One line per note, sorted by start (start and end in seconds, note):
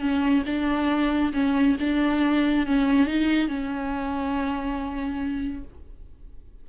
0.00 0.43 C#4
0.46 1.32 D4
1.33 1.76 C#4
1.80 2.66 D4
2.66 3.06 C#4
3.06 3.48 D#4
3.48 5.64 C#4